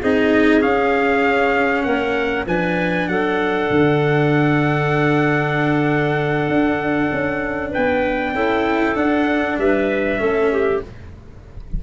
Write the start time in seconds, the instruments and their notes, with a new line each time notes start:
0.00 tuba C4, cello D#4, clarinet G#4, trumpet D#5
0.61 cello C#4, tuba C#4, trumpet F5
1.83 tuba A#3, clarinet A#4, trumpet F#5
2.46 tuba F3, cello D4, clarinet B4, trumpet G#5
3.08 tuba F#3, clarinet A4, trumpet F#5
3.70 tuba D3
6.48 tuba D4
7.12 tuba C#4
7.70 clarinet B4, trumpet G5
7.77 tuba B3
8.34 tuba C#4, cello E4, clarinet A4
8.96 cello D4, tuba D4, trumpet F#5
9.58 tuba G3, clarinet B4, trumpet E5
10.18 tuba A3, cello C#4, clarinet A4
10.51 clarinet G4